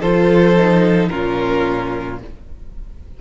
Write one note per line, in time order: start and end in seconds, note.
0.00 1.10 F3
0.00 0.57 F4
0.00 1.09 A4
0.00 1.08 C5
0.57 1.10 D#4
1.08 2.21 A#2
1.08 2.20 C#4
1.08 2.20 F4
1.08 2.17 A#4